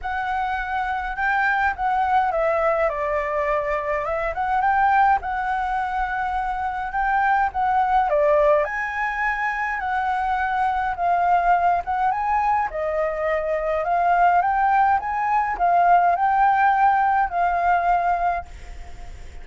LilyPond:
\new Staff \with { instrumentName = "flute" } { \time 4/4 \tempo 4 = 104 fis''2 g''4 fis''4 | e''4 d''2 e''8 fis''8 | g''4 fis''2. | g''4 fis''4 d''4 gis''4~ |
gis''4 fis''2 f''4~ | f''8 fis''8 gis''4 dis''2 | f''4 g''4 gis''4 f''4 | g''2 f''2 | }